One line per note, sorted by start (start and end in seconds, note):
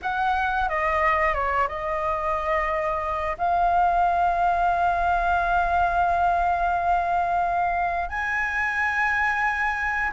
0.02 0.68 F#5
0.68 1.33 D#5
1.33 1.67 C#5
1.68 3.36 D#5
3.37 8.09 F5
8.09 10.11 G#5